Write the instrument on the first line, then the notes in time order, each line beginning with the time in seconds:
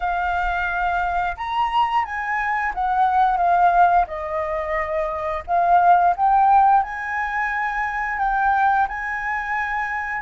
flute
0.00 F5
1.36 A#5
2.04 G#5
2.74 F#5
3.37 F5
4.07 D#5
5.46 F5
6.16 G5
6.83 G#5
8.18 G5
8.88 G#5